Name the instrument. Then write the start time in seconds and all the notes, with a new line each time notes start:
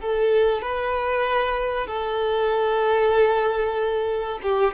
violin
0.00 A4
0.61 B4
1.87 A4
4.43 G4